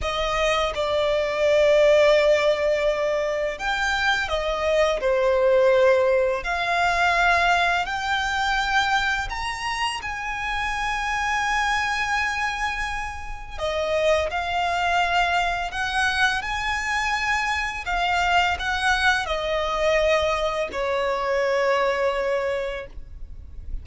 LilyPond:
\new Staff \with { instrumentName = "violin" } { \time 4/4 \tempo 4 = 84 dis''4 d''2.~ | d''4 g''4 dis''4 c''4~ | c''4 f''2 g''4~ | g''4 ais''4 gis''2~ |
gis''2. dis''4 | f''2 fis''4 gis''4~ | gis''4 f''4 fis''4 dis''4~ | dis''4 cis''2. | }